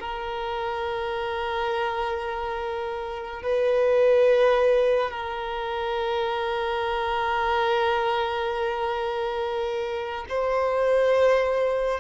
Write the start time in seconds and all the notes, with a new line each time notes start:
0.00 A#4
3.43 B4
5.11 A#4
10.29 C5